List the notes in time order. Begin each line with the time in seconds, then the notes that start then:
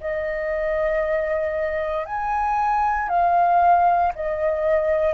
0.00 D#5
2.05 G#5
3.08 F5
4.15 D#5